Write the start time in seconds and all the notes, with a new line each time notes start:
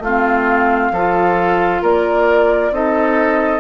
0.00 A3 C4 F4 F5
0.92 F3 F4 A4
1.82 A#3 A#4 D5
2.71 C4 D#4 A4 D#5